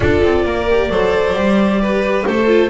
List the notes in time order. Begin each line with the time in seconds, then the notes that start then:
0.00 D4 F4 A4 D5
0.23 C4
0.44 A#3 A#4
0.69 G4
0.89 F#3 A4 C5
1.33 G3 G4
1.81 B4
2.25 A3 A4 C5
2.46 F4